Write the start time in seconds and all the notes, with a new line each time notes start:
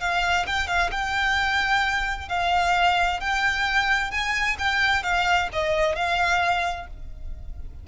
0.00 F5
0.46 G5
0.67 F5
0.92 G5
2.29 F5
3.20 G5
4.11 G#5
4.58 G5
5.03 F5
5.52 D#5
5.95 F5